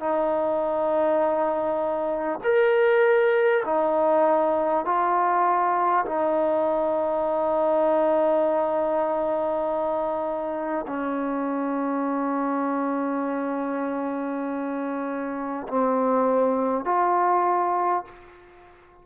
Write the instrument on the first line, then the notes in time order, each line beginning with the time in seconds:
trombone
0.00 D#4
2.44 A#4
3.65 D#4
4.86 F4
6.06 D#4
10.88 C#4
15.68 C4
16.85 F4